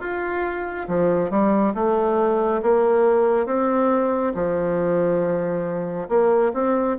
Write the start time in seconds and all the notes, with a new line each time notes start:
0.00 F4
0.88 F3
1.30 G3
1.75 A3
2.62 A#3
3.46 C4
4.35 F3
6.09 A#3
6.54 C4